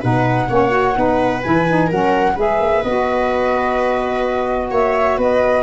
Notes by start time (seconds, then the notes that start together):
0.00 B2 D#4 B4 F#5
0.49 A#3 C#4 C#5
0.69 F#4
0.94 B3 D#4 B4
1.42 E3 E4 G#5
1.68 D#4
1.87 F#3 C#4 A#4 F#5
2.35 G#3 G#4 B4 E5
2.60 A#3
2.83 B3 F#4 D#5
4.71 A#3 C#5 E5
5.17 B3 B4 D#5